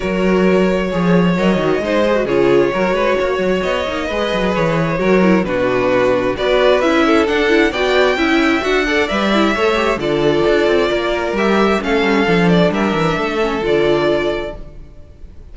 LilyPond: <<
  \new Staff \with { instrumentName = "violin" } { \time 4/4 \tempo 4 = 132 cis''2. dis''4~ | dis''4 cis''2. | dis''2 cis''2 | b'2 d''4 e''4 |
fis''4 g''2 fis''4 | e''2 d''2~ | d''4 e''4 f''4. d''8 | e''2 d''2 | }
  \new Staff \with { instrumentName = "violin" } { \time 4/4 ais'2 cis''2 | c''4 gis'4 ais'8 b'8 cis''4~ | cis''4 b'2 ais'4 | fis'2 b'4. a'8~ |
a'4 d''4 e''4. d''8~ | d''4 cis''4 a'2 | ais'2 a'2 | ais'4 a'2. | }
  \new Staff \with { instrumentName = "viola" } { \time 4/4 fis'2 gis'4 ais'8 fis'8 | dis'8 gis'16 fis'16 f'4 fis'2~ | fis'8 dis'8 gis'2 fis'8 e'8 | d'2 fis'4 e'4 |
d'8 e'8 fis'4 e'4 fis'8 a'8 | b'8 e'8 a'8 g'8 f'2~ | f'4 g'4 cis'4 d'4~ | d'4. cis'8 f'2 | }
  \new Staff \with { instrumentName = "cello" } { \time 4/4 fis2 f4 fis8 dis8 | gis4 cis4 fis8 gis8 ais8 fis8 | b8 ais8 gis8 fis8 e4 fis4 | b,2 b4 cis'4 |
d'4 b4 cis'4 d'4 | g4 a4 d4 d'8 c'8 | ais4 g4 a8 g8 f4 | g8 e8 a4 d2 | }
>>